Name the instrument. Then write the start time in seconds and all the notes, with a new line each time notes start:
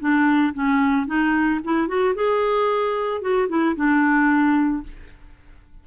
clarinet
0.00 D4
0.54 C#4
1.06 D#4
1.64 E4
1.88 F#4
2.15 G#4
3.21 F#4
3.48 E4
3.76 D4